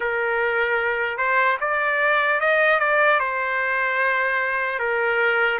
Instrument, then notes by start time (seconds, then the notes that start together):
trumpet
0.00 A#4
1.17 C5
1.60 D5
2.40 D#5
2.79 D5
3.19 C5
4.79 A#4